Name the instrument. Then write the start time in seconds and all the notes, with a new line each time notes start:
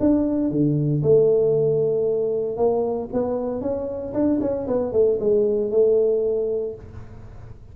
tuba
0.00 D4
0.50 D3
1.03 A3
2.57 A#3
3.13 B3
3.61 C#4
4.13 D4
4.41 C#4
4.67 B3
4.93 A3
5.20 G#3
5.71 A3